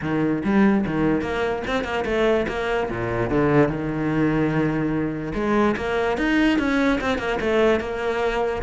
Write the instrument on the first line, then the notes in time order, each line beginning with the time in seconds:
cello
0.01 D#3
0.43 G3
0.86 D#3
1.21 A#3
1.67 C4
1.83 A#3
2.05 A3
2.48 A#3
2.90 A#2
3.30 D3
3.68 D#3
5.34 G#3
5.76 A#3
6.17 D#4
6.58 C#4
7.00 C4
7.18 A#3
7.40 A3
7.80 A#3